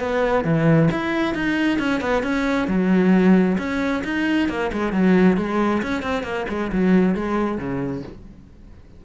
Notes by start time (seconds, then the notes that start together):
0.00 B3
0.45 E3
0.92 E4
1.35 D#4
1.79 C#4
2.01 B3
2.23 C#4
2.68 F#3
3.58 C#4
4.04 D#4
4.49 A#3
4.73 G#3
4.93 F#3
5.38 G#3
5.83 C#4
6.03 C4
6.24 A#3
6.49 G#3
6.73 F#3
7.15 G#3
7.58 C#3